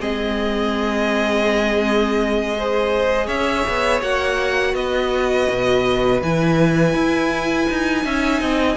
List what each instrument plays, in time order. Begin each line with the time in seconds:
0.00 cello G#3, viola C4, violin G#4 D#5
2.55 viola G#4, violin C5
3.26 cello C#4, violin C#5 E5
3.68 cello B3
4.02 cello A#3, viola F#4, violin F#5
4.74 cello B3, violin B4 D#5
5.50 cello B2
6.22 cello E3, viola E4, violin G#5
6.95 cello E4
7.70 cello D#4
8.04 cello C#4, viola D#4, violin E5
8.41 cello C4, violin D#5